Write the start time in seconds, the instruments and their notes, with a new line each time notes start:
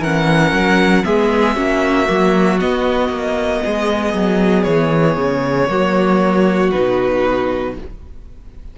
0.00 cello E3, viola C#4, violin A#4 F#5
0.52 cello F#3
1.04 cello G#3, viola B3, violin G#4 E5
1.56 cello A#3, viola C#4, violin F#4
2.06 cello F#3, viola A#3
2.59 viola B3, cello B3, violin D#5
3.10 cello A#3
3.64 cello G#3, violin G#4
4.14 cello F#3
4.64 cello E3, violin C#5
5.17 cello C#3
5.69 cello F#3, viola A#3, violin F#4
6.72 cello B2, viola D#4, violin B4